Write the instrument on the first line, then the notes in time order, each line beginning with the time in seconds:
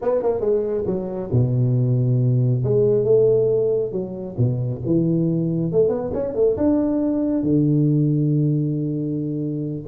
tuba
0.01 B3
0.22 A#3
0.40 G#3
0.86 F#3
1.32 B2
2.63 G#3
3.04 A3
3.92 F#3
4.37 B2
4.85 E3
5.72 A3
5.89 B3
6.13 C#4
6.34 A3
6.57 D4
7.42 D3